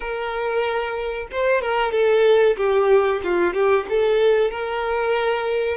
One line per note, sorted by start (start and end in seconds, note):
0.00 1.28 A#4
1.31 1.61 C5
1.61 1.91 A#4
1.91 2.56 A4
2.56 3.21 G4
3.23 3.53 F4
3.53 3.86 G4
3.89 4.50 A4
4.50 5.77 A#4